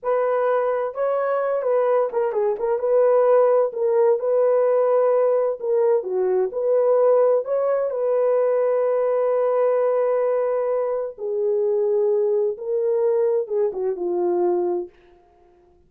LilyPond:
\new Staff \with { instrumentName = "horn" } { \time 4/4 \tempo 4 = 129 b'2 cis''4. b'8~ | b'8 ais'8 gis'8 ais'8 b'2 | ais'4 b'2. | ais'4 fis'4 b'2 |
cis''4 b'2.~ | b'1 | gis'2. ais'4~ | ais'4 gis'8 fis'8 f'2 | }